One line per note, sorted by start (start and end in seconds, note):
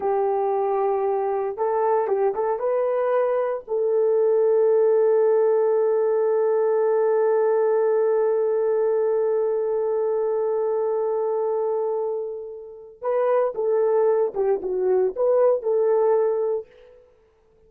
0.00 1.57 G4
1.57 2.07 A4
2.07 2.33 G4
2.34 2.59 A4
2.59 3.63 B4
3.67 13.01 A4
13.01 13.53 B4
13.55 14.33 A4
14.34 14.60 G4
14.62 15.14 F#4
15.16 15.62 B4
15.62 16.66 A4